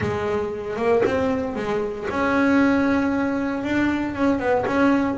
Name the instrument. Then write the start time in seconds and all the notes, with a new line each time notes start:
double bass
0.00 G#3
0.76 A#3
1.05 C4
1.55 G#3
2.09 C#4
3.63 D4
4.14 C#4
4.39 B3
4.66 C#4